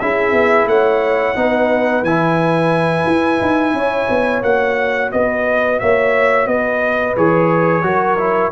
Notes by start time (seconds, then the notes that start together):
0.00 C#4 E4 G#4 E5
0.32 B3
0.66 A3 C#5 F#5
1.36 B3 D#4 B4
2.03 E3 E4 G#5
3.07 E4
3.41 D#4
3.74 C#4 C#5
4.10 B3
4.43 A#3 F#4 F#5
5.12 B3 B4 D#5
5.80 A#3 C#5 E5
6.47 B3 B4 D#5
7.17 E3 G#4 C#5
7.83 F#3 F#4 A#4
8.18 E4